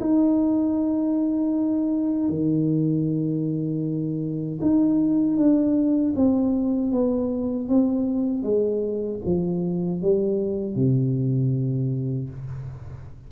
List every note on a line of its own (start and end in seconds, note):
0.00 2.29 D#4
2.29 4.59 D#3
4.62 5.37 D#4
5.37 6.14 D4
6.16 6.92 C4
6.92 7.69 B3
7.69 8.43 C4
8.43 9.20 G#3
9.25 10.02 F3
10.02 10.75 G3
10.75 12.29 C3